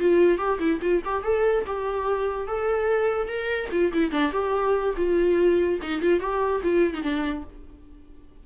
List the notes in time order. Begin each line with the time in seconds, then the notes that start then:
0.00 F4
0.38 G4
0.59 E4
0.82 F4
1.05 G4
1.24 A4
1.67 G4
2.48 A4
3.28 A#4
3.72 F4
3.93 E4
4.12 D4
4.32 G4
4.97 F4
5.83 D#4
6.02 F4
6.20 G4
6.64 F4
6.94 D#4
7.03 D4